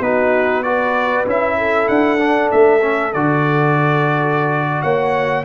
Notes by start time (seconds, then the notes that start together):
0.00 B3 D#4 F#4 B4
0.63 F#4 B4 D5
1.26 C#4 E4 E5
1.58 A4
1.88 D4 F#5
2.18 D4
2.51 A3 E5
2.81 C#4
3.13 D3 F#4 D5
4.82 A#3 C#5 F#5